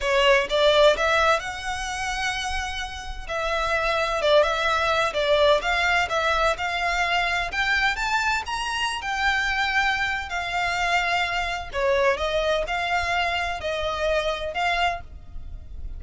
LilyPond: \new Staff \with { instrumentName = "violin" } { \time 4/4 \tempo 4 = 128 cis''4 d''4 e''4 fis''4~ | fis''2. e''4~ | e''4 d''8 e''4. d''4 | f''4 e''4 f''2 |
g''4 a''4 ais''4~ ais''16 g''8.~ | g''2 f''2~ | f''4 cis''4 dis''4 f''4~ | f''4 dis''2 f''4 | }